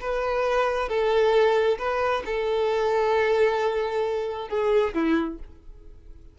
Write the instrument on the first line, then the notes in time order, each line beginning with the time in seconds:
violin
0.00 B4
0.89 A4
1.78 B4
2.26 A4
4.49 G#4
4.94 E4